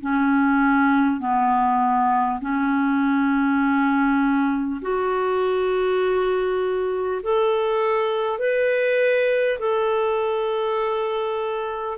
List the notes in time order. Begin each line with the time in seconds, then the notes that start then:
0.00 C#4
1.19 B3
2.40 C#4
4.81 F#4
7.22 A4
8.38 B4
9.59 A4